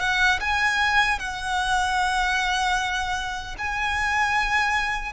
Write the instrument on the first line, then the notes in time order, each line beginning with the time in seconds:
violin
0.00 F#5
0.41 G#5
1.19 F#5
3.58 G#5